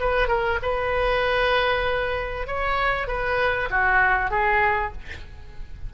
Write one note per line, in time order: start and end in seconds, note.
0.00 0.28 B4
0.28 0.59 A#4
0.62 2.47 B4
2.47 3.07 C#5
3.07 3.69 B4
3.71 4.31 F#4
4.31 4.93 G#4